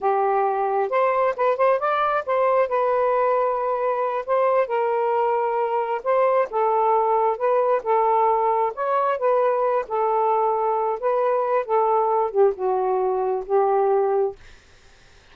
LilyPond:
\new Staff \with { instrumentName = "saxophone" } { \time 4/4 \tempo 4 = 134 g'2 c''4 b'8 c''8 | d''4 c''4 b'2~ | b'4. c''4 ais'4.~ | ais'4. c''4 a'4.~ |
a'8 b'4 a'2 cis''8~ | cis''8 b'4. a'2~ | a'8 b'4. a'4. g'8 | fis'2 g'2 | }